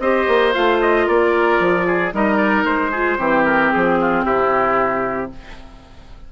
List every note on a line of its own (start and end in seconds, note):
0.00 0.27 C4
0.00 0.54 G4
0.00 1.07 C5
0.00 0.54 D#5
0.28 0.55 A#3
0.54 1.08 A3
0.54 2.12 F4
0.54 0.81 F5
0.82 1.08 D#5
1.07 1.60 A#3
1.07 1.87 A#4
1.07 2.15 D5
1.60 2.13 F3
1.87 2.13 G#4
2.12 2.64 G3
2.12 2.92 D#4
2.12 2.91 A#4
2.12 2.37 D#5
2.37 2.64 D5
2.64 3.17 G#3
2.64 3.46 C5
2.91 3.18 F4
2.91 3.18 G#4
3.18 3.72 E3
3.18 5.31 C4
3.18 3.99 G4
3.46 3.72 A#4
3.73 4.25 F3
3.73 4.26 G#4
4.01 4.25 F4
4.25 5.32 C3
4.25 5.31 E4
4.25 5.32 G4